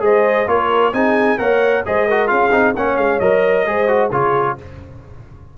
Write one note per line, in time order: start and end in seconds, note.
0.00 0.47 G#3
0.00 0.45 G#4
0.00 0.48 C5
0.00 0.48 D#5
0.47 0.93 A#3
0.47 0.93 F4
0.47 0.93 A#4
0.47 0.93 C#5
0.93 1.38 C4
0.93 1.38 D#4
0.93 1.39 G#4
0.93 1.38 G#5
1.38 1.84 A#3
1.38 1.83 A#4
1.38 1.84 C#5
1.38 1.84 F#5
1.86 2.31 G#3
1.86 2.08 G#4
1.86 2.07 C5
1.86 2.28 D#5
2.07 2.27 F#4
2.07 2.30 A#4
2.27 2.52 C#4
2.27 2.50 F4
2.27 2.75 G#4
2.27 2.73 F5
2.52 2.74 C4
2.52 2.74 D#4
2.75 2.97 A#3
2.75 3.21 C#4
2.75 3.68 C#5
2.75 2.97 F#5
2.97 3.20 G#3
2.97 3.20 F5
3.20 3.66 F#3
3.20 3.66 A#4
3.20 4.11 D#5
3.66 4.11 G#3
3.66 3.88 G#4
3.66 4.12 C5
3.88 4.10 F#4
4.11 4.57 C#3
4.11 4.58 F4
4.11 4.57 G#4
4.11 4.58 C#5